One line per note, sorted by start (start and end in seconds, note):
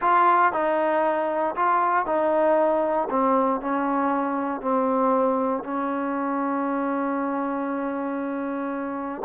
0.01 0.52 F4
0.52 1.55 D#4
1.55 2.06 F4
2.06 3.08 D#4
3.10 3.60 C4
3.60 4.61 C#4
4.61 5.63 C4
5.63 9.22 C#4